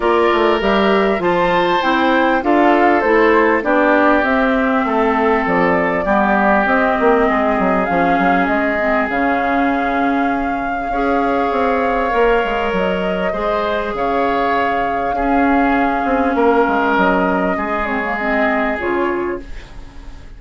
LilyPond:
<<
  \new Staff \with { instrumentName = "flute" } { \time 4/4 \tempo 4 = 99 d''4 e''4 a''4 g''4 | f''4 c''4 d''4 e''4~ | e''4 d''2 dis''4~ | dis''4 f''4 dis''4 f''4~ |
f''1~ | f''4 dis''2 f''4~ | f''1 | dis''4. cis''8 dis''4 cis''4 | }
  \new Staff \with { instrumentName = "oboe" } { \time 4/4 ais'2 c''2 | a'2 g'2 | a'2 g'2 | gis'1~ |
gis'2 cis''2~ | cis''2 c''4 cis''4~ | cis''4 gis'2 ais'4~ | ais'4 gis'2. | }
  \new Staff \with { instrumentName = "clarinet" } { \time 4/4 f'4 g'4 f'4 e'4 | f'4 e'4 d'4 c'4~ | c'2 b4 c'4~ | c'4 cis'4. c'8 cis'4~ |
cis'2 gis'2 | ais'2 gis'2~ | gis'4 cis'2.~ | cis'4. c'16 ais16 c'4 f'4 | }
  \new Staff \with { instrumentName = "bassoon" } { \time 4/4 ais8 a8 g4 f4 c'4 | d'4 a4 b4 c'4 | a4 f4 g4 c'8 ais8 | gis8 fis8 f8 fis8 gis4 cis4~ |
cis2 cis'4 c'4 | ais8 gis8 fis4 gis4 cis4~ | cis4 cis'4. c'8 ais8 gis8 | fis4 gis2 cis4 | }
>>